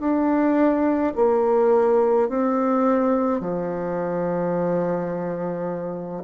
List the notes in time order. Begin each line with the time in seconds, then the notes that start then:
0.00 D4
1.15 A#3
2.28 C4
3.40 F3